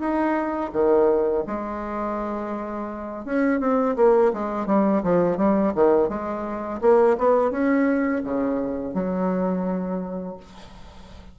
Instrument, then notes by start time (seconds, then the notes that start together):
bassoon
0.00 D#4
0.73 D#3
1.47 G#3
3.26 C#4
3.60 C4
3.97 A#3
4.34 G#3
4.67 G3
5.04 F3
5.38 G3
5.75 D#3
6.09 G#3
6.82 A#3
7.19 B3
7.51 C#4
8.24 C#3
8.94 F#3